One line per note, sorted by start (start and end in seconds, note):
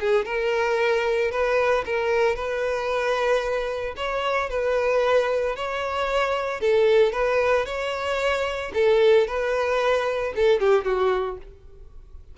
0.00 0.25 G#4
0.25 1.31 A#4
1.31 1.84 B4
1.86 2.36 A#4
2.36 3.95 B4
3.97 4.50 C#5
4.50 5.56 B4
5.56 6.61 C#5
6.61 7.13 A4
7.13 7.66 B4
7.66 8.72 C#5
8.74 9.27 A4
9.27 10.33 B4
10.36 10.60 A4
10.60 10.84 G4
10.84 11.37 F#4